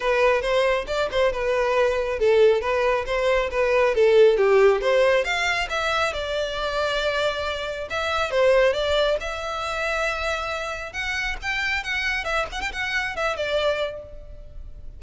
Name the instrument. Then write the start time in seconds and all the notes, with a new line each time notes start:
violin
0.00 B4
0.41 C5
0.87 D5
1.11 C5
1.32 B4
2.19 A4
2.61 B4
3.06 C5
3.51 B4
3.95 A4
4.37 G4
4.81 C5
5.24 F5
5.69 E5
6.13 D5
7.90 E5
8.30 C5
8.73 D5
9.20 E5
10.92 F#5
11.42 G5
11.83 F#5
12.24 E5
12.52 F#5
12.61 G5
12.72 F#5
13.16 E5
13.36 D5